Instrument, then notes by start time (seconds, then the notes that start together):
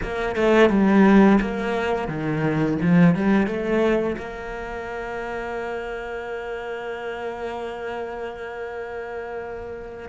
cello
0.03 A#3
0.35 A3
0.69 G3
1.40 A#3
2.07 D#3
2.81 F3
3.15 G3
3.46 A3
4.17 A#3